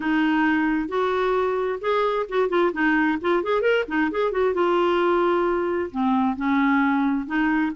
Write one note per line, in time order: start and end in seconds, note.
0.00 0.88 D#4
0.88 1.79 F#4
1.81 2.26 G#4
2.29 2.49 F#4
2.49 2.71 F4
2.73 3.18 D#4
3.21 3.43 F4
3.43 3.61 G#4
3.61 3.84 A#4
3.88 4.11 D#4
4.11 4.31 G#4
4.31 4.54 F#4
4.54 5.90 F4
5.91 6.36 C4
6.36 7.26 C#4
7.26 7.71 D#4